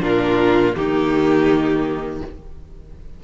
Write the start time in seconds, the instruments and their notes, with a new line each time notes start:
0.00 cello A#2, viola D4, violin F4 A#4
0.73 cello D#3, viola A#3, violin D#4 G4